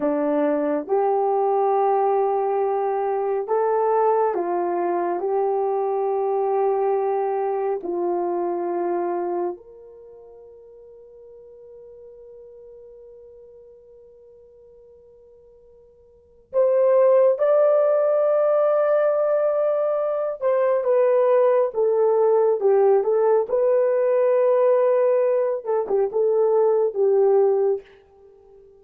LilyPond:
\new Staff \with { instrumentName = "horn" } { \time 4/4 \tempo 4 = 69 d'4 g'2. | a'4 f'4 g'2~ | g'4 f'2 ais'4~ | ais'1~ |
ais'2. c''4 | d''2.~ d''8 c''8 | b'4 a'4 g'8 a'8 b'4~ | b'4. a'16 g'16 a'4 g'4 | }